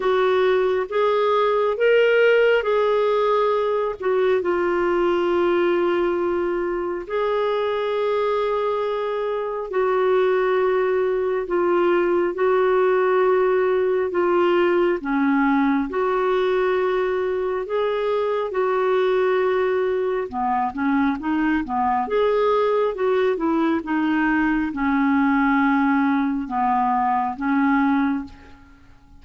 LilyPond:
\new Staff \with { instrumentName = "clarinet" } { \time 4/4 \tempo 4 = 68 fis'4 gis'4 ais'4 gis'4~ | gis'8 fis'8 f'2. | gis'2. fis'4~ | fis'4 f'4 fis'2 |
f'4 cis'4 fis'2 | gis'4 fis'2 b8 cis'8 | dis'8 b8 gis'4 fis'8 e'8 dis'4 | cis'2 b4 cis'4 | }